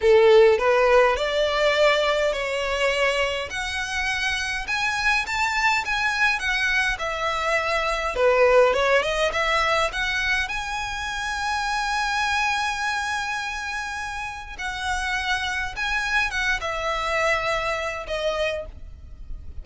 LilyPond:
\new Staff \with { instrumentName = "violin" } { \time 4/4 \tempo 4 = 103 a'4 b'4 d''2 | cis''2 fis''2 | gis''4 a''4 gis''4 fis''4 | e''2 b'4 cis''8 dis''8 |
e''4 fis''4 gis''2~ | gis''1~ | gis''4 fis''2 gis''4 | fis''8 e''2~ e''8 dis''4 | }